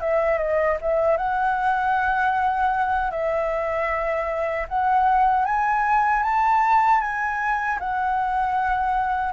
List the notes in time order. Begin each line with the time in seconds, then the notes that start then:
0.00 E5
0.38 D#5
0.81 E5
1.17 F#5
3.11 E5
4.68 F#5
5.45 G#5
6.22 A5
7.01 G#5
7.79 F#5